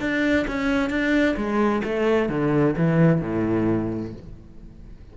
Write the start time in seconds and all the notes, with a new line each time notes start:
0.00 D4
0.47 C#4
0.90 D4
1.36 G#3
1.84 A3
2.29 D3
2.77 E3
3.21 A2